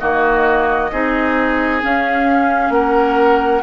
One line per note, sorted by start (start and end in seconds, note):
0.00 0.92 D#3
0.00 0.91 A#3
0.00 0.91 F#4
0.00 1.82 D#5
0.92 1.83 C4
0.92 1.81 D#4
0.92 2.74 G#4
1.81 3.63 C#4
1.81 2.70 C#4
1.81 2.72 F5
2.70 3.61 A#3
2.70 3.63 A#4
2.70 3.63 F#5